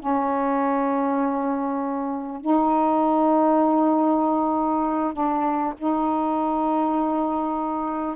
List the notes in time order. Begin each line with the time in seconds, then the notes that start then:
0.00 C#4
2.41 D#4
5.13 D4
5.78 D#4